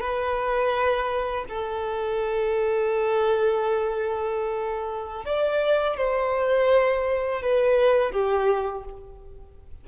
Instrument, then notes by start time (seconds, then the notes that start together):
violin
0.00 B4
1.49 A4
5.25 D5
5.97 C5
7.42 B4
8.12 G4